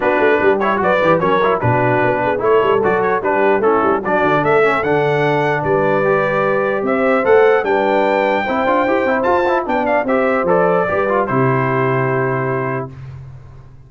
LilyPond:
<<
  \new Staff \with { instrumentName = "trumpet" } { \time 4/4 \tempo 4 = 149 b'4. cis''8 d''4 cis''4 | b'2 cis''4 d''8 cis''8 | b'4 a'4 d''4 e''4 | fis''2 d''2~ |
d''4 e''4 fis''4 g''4~ | g''2. a''4 | g''8 f''8 e''4 d''2 | c''1 | }
  \new Staff \with { instrumentName = "horn" } { \time 4/4 fis'4 g'4 b'4 ais'4 | fis'4. gis'8 a'2 | g'4 e'4 fis'4 a'4~ | a'2 b'2~ |
b'4 c''2 b'4~ | b'4 c''2. | d''4 c''2 b'4 | g'1 | }
  \new Staff \with { instrumentName = "trombone" } { \time 4/4 d'4. e'8 fis'8 g'8 cis'8 e'8 | d'2 e'4 fis'4 | d'4 cis'4 d'4. cis'8 | d'2. g'4~ |
g'2 a'4 d'4~ | d'4 e'8 f'8 g'8 e'8 f'8 e'8 | d'4 g'4 a'4 g'8 f'8 | e'1 | }
  \new Staff \with { instrumentName = "tuba" } { \time 4/4 b8 a8 g4 fis8 e8 fis4 | b,4 b4 a8 g8 fis4 | g4 a8 g8 fis8 d8 a4 | d2 g2~ |
g4 c'4 a4 g4~ | g4 c'8 d'8 e'8 c'8 f'4 | b4 c'4 f4 g4 | c1 | }
>>